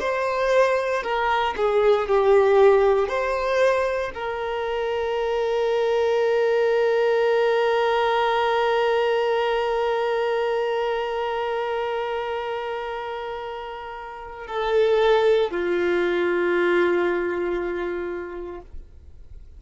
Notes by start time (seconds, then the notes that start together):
0.00 C5
1.03 A#4
1.57 G#4
2.09 G4
3.08 C5
4.15 A#4
14.47 A4
15.51 F4